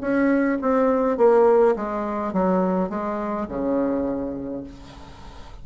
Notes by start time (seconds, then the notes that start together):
0.00 C#4
0.61 C4
1.17 A#3
1.75 G#3
2.33 F#3
2.89 G#3
3.48 C#3